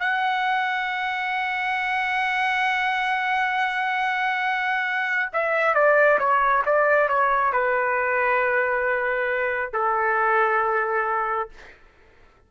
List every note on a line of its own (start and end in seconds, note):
0.00 5.29 F#5
5.33 5.75 E5
5.75 6.19 D5
6.19 6.63 C#5
6.66 7.09 D5
7.09 7.52 C#5
7.52 9.73 B4
9.73 11.49 A4